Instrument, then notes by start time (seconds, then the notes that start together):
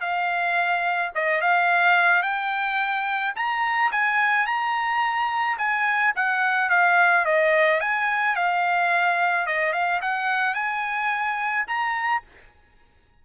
trumpet
0.00 F5
1.14 D#5
1.41 F5
2.22 G5
3.35 A#5
3.91 G#5
4.46 A#5
5.58 G#5
6.15 F#5
6.69 F5
7.25 D#5
7.80 G#5
8.35 F5
9.46 D#5
9.72 F5
10.01 F#5
10.54 G#5
11.67 A#5